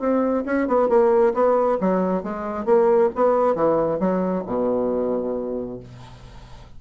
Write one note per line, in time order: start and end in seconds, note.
0.00 0.44 C4
0.46 0.68 C#4
0.68 0.89 B3
0.89 1.33 A#3
1.34 1.79 B3
1.81 2.23 F#3
2.23 2.66 G#3
2.66 3.10 A#3
3.16 3.56 B3
3.56 4.00 E3
4.00 4.44 F#3
4.46 5.80 B2